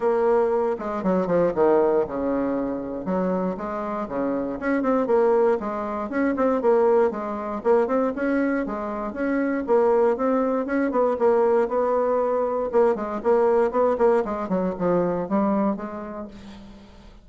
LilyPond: \new Staff \with { instrumentName = "bassoon" } { \time 4/4 \tempo 4 = 118 ais4. gis8 fis8 f8 dis4 | cis2 fis4 gis4 | cis4 cis'8 c'8 ais4 gis4 | cis'8 c'8 ais4 gis4 ais8 c'8 |
cis'4 gis4 cis'4 ais4 | c'4 cis'8 b8 ais4 b4~ | b4 ais8 gis8 ais4 b8 ais8 | gis8 fis8 f4 g4 gis4 | }